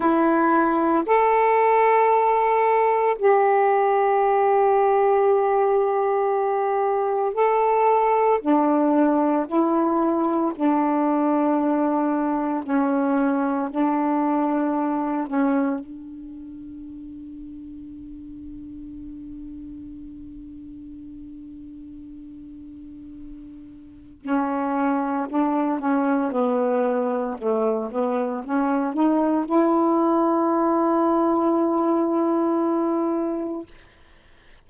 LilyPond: \new Staff \with { instrumentName = "saxophone" } { \time 4/4 \tempo 4 = 57 e'4 a'2 g'4~ | g'2. a'4 | d'4 e'4 d'2 | cis'4 d'4. cis'8 d'4~ |
d'1~ | d'2. cis'4 | d'8 cis'8 b4 a8 b8 cis'8 dis'8 | e'1 | }